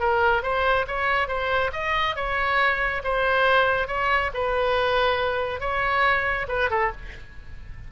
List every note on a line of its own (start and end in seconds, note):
0.00 0.43 A#4
0.43 0.86 C5
0.88 1.28 C#5
1.28 1.71 C5
1.73 2.16 D#5
2.16 3.02 C#5
3.04 3.88 C5
3.88 4.31 C#5
4.34 5.60 B4
5.60 6.47 C#5
6.48 6.70 B4
6.70 6.92 A4